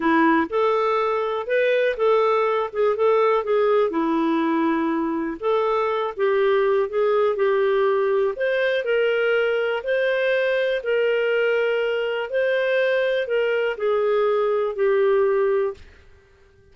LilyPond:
\new Staff \with { instrumentName = "clarinet" } { \time 4/4 \tempo 4 = 122 e'4 a'2 b'4 | a'4. gis'8 a'4 gis'4 | e'2. a'4~ | a'8 g'4. gis'4 g'4~ |
g'4 c''4 ais'2 | c''2 ais'2~ | ais'4 c''2 ais'4 | gis'2 g'2 | }